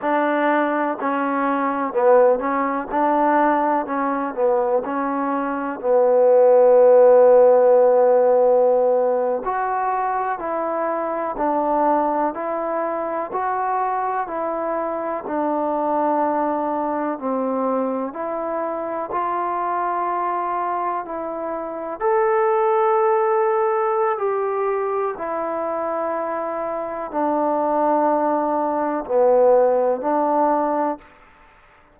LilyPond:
\new Staff \with { instrumentName = "trombone" } { \time 4/4 \tempo 4 = 62 d'4 cis'4 b8 cis'8 d'4 | cis'8 b8 cis'4 b2~ | b4.~ b16 fis'4 e'4 d'16~ | d'8. e'4 fis'4 e'4 d'16~ |
d'4.~ d'16 c'4 e'4 f'16~ | f'4.~ f'16 e'4 a'4~ a'16~ | a'4 g'4 e'2 | d'2 b4 d'4 | }